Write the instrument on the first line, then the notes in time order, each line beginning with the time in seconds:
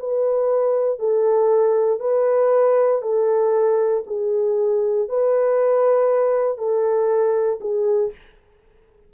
horn
0.00 B4
0.99 A4
2.01 B4
3.02 A4
4.07 G#4
5.09 B4
6.58 A4
7.61 G#4